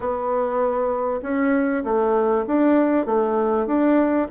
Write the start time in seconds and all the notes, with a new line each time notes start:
0.00 B3
1.22 C#4
1.83 A3
2.47 D4
3.06 A3
3.66 D4